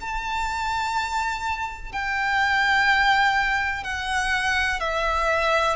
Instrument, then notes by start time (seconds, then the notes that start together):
violin
0.00 A5
1.92 G5
3.84 F#5
4.80 E5